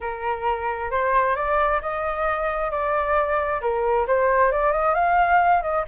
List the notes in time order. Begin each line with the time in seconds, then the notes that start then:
0.00 A#4
0.90 C5
1.35 D5
1.81 D#5
2.70 D5
3.61 A#4
4.07 C5
4.51 D5
4.72 D#5
4.94 F5
5.62 D#5